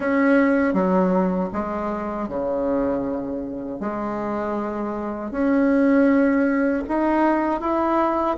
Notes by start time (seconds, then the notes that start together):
0.00 C#4
0.73 F#3
1.52 G#3
2.28 C#3
3.80 G#3
5.31 C#4
6.88 D#4
7.60 E4